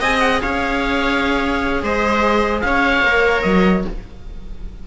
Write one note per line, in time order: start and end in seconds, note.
0.00 0.41 C4
0.00 3.05 G#4
0.00 0.40 D#5
0.00 0.19 G#5
0.19 0.39 F#5
0.41 1.82 C#4
0.41 1.82 C#5
0.41 1.82 F5
1.82 2.63 G#3
1.82 2.63 C5
1.82 2.61 D#5
2.61 3.03 C#4
2.61 3.87 C#5
2.61 3.41 F5
3.03 3.43 A#3
3.03 3.85 A#4
3.42 3.84 F#3
3.42 3.82 D#5